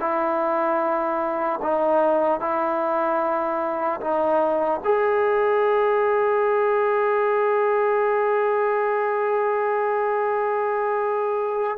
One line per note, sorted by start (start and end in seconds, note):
0.00 1.60 E4
1.63 2.40 D#4
2.40 4.00 E4
4.01 4.81 D#4
4.84 11.78 G#4